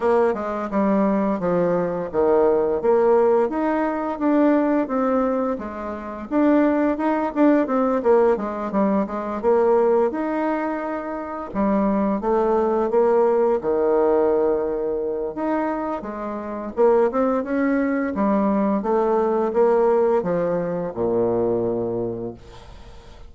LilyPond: \new Staff \with { instrumentName = "bassoon" } { \time 4/4 \tempo 4 = 86 ais8 gis8 g4 f4 dis4 | ais4 dis'4 d'4 c'4 | gis4 d'4 dis'8 d'8 c'8 ais8 | gis8 g8 gis8 ais4 dis'4.~ |
dis'8 g4 a4 ais4 dis8~ | dis2 dis'4 gis4 | ais8 c'8 cis'4 g4 a4 | ais4 f4 ais,2 | }